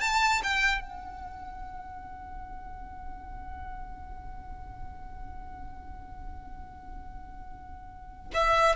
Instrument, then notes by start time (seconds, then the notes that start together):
violin
0.00 A5
0.43 G5
0.80 F#5
8.34 E5